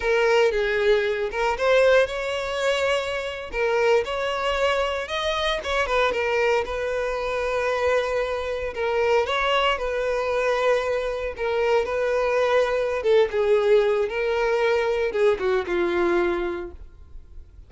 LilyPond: \new Staff \with { instrumentName = "violin" } { \time 4/4 \tempo 4 = 115 ais'4 gis'4. ais'8 c''4 | cis''2~ cis''8. ais'4 cis''16~ | cis''4.~ cis''16 dis''4 cis''8 b'8 ais'16~ | ais'8. b'2.~ b'16~ |
b'8. ais'4 cis''4 b'4~ b'16~ | b'4.~ b'16 ais'4 b'4~ b'16~ | b'4 a'8 gis'4. ais'4~ | ais'4 gis'8 fis'8 f'2 | }